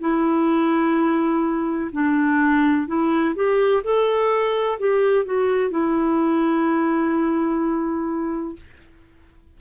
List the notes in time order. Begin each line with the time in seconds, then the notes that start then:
0.00 E4
1.92 D4
2.87 E4
3.35 G4
3.84 A4
4.79 G4
5.25 F#4
5.70 E4